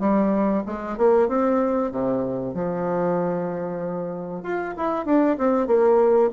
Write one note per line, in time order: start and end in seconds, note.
0.00 0.63 G3
0.66 0.98 G#3
0.98 1.28 A#3
1.28 1.91 C4
1.92 2.54 C3
2.54 4.43 F3
4.43 4.75 F4
4.77 5.06 E4
5.06 5.37 D4
5.38 5.67 C4
5.67 6.30 A#3